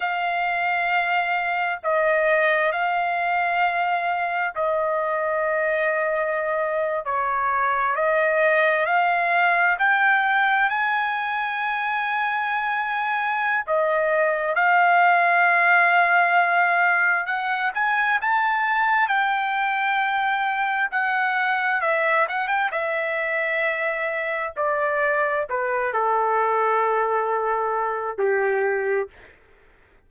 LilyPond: \new Staff \with { instrumentName = "trumpet" } { \time 4/4 \tempo 4 = 66 f''2 dis''4 f''4~ | f''4 dis''2~ dis''8. cis''16~ | cis''8. dis''4 f''4 g''4 gis''16~ | gis''2. dis''4 |
f''2. fis''8 gis''8 | a''4 g''2 fis''4 | e''8 fis''16 g''16 e''2 d''4 | b'8 a'2~ a'8 g'4 | }